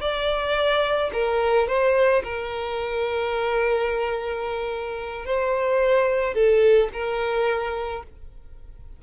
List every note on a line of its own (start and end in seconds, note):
0.00 1.10 D5
1.12 1.67 A#4
1.67 2.22 C5
2.23 5.25 A#4
5.25 6.34 C5
6.34 6.89 A4
6.93 8.03 A#4